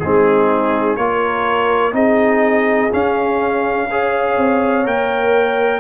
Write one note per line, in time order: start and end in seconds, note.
0.00 0.97 G#3
0.00 0.99 C4
0.00 0.99 D#4
0.00 0.96 G#4
0.96 1.93 A#3
0.96 1.93 F4
0.96 1.95 A#4
0.96 1.93 C#5
1.93 2.90 C4
1.93 2.90 D#4
1.93 3.89 G#4
1.93 2.92 D#5
2.93 3.90 C#4
2.93 4.37 C#4
2.93 4.87 F5
3.89 4.85 G#4
3.89 5.80 C#5
4.37 4.85 C4
4.85 5.80 A#3
4.85 5.80 A#4
4.85 5.80 G5